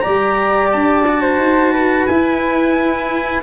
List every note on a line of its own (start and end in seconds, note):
0.00 0.74 G3
0.00 1.04 G4
0.00 1.22 D5
0.00 0.68 A#5
0.72 1.38 D4
0.72 2.06 A5
1.08 2.10 F#4
1.22 1.73 C5
1.38 2.06 D#4
1.73 3.43 B4
2.06 3.43 E4
2.06 3.43 G#5